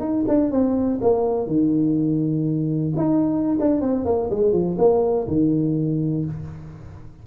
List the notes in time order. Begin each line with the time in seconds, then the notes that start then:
0.00 D#4
0.28 D4
0.51 C4
1.02 A#3
1.47 D#3
2.96 D#4
3.60 D4
3.81 C4
4.05 A#3
4.30 G#3
4.53 F3
4.78 A#3
5.27 D#3